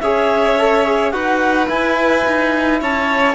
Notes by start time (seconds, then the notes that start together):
0.00 C#4 G#4 C#5 E5
0.59 A4
0.87 G#4
1.11 D#4 F#4 B4 F#5
1.67 E4 G#5
2.27 D#4
2.81 C#4 C#5 A5